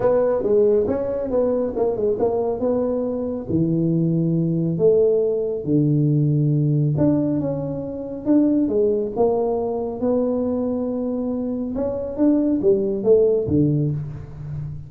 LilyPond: \new Staff \with { instrumentName = "tuba" } { \time 4/4 \tempo 4 = 138 b4 gis4 cis'4 b4 | ais8 gis8 ais4 b2 | e2. a4~ | a4 d2. |
d'4 cis'2 d'4 | gis4 ais2 b4~ | b2. cis'4 | d'4 g4 a4 d4 | }